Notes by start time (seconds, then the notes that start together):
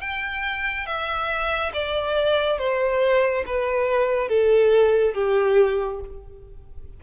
0.00 G5
0.86 E5
1.73 D5
2.58 C5
3.46 B4
4.28 A4
5.14 G4